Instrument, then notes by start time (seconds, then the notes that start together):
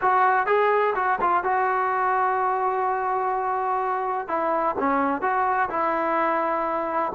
trombone
0.01 F#4
0.46 G#4
0.95 F#4
1.20 F4
1.43 F#4
4.28 E4
4.79 C#4
5.21 F#4
5.69 E4